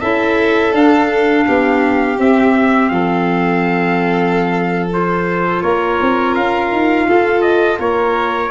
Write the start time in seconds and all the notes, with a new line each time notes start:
0.00 C#4 E4 A4 E5
0.72 D4 F5
1.47 B3 G4
2.17 C4 E5
2.89 F3 A4 F5
4.91 F4 C5
5.62 A#3 A#4 C#5
6.01 C4
6.35 C#4 F5
6.71 D#4
7.08 F4 A4
7.42 D#5
7.79 A#3 A#4 C#5